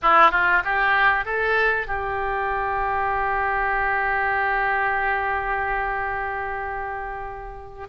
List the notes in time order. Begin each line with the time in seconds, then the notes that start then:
0.02 E4
0.31 F4
0.64 G4
1.25 A4
1.87 G4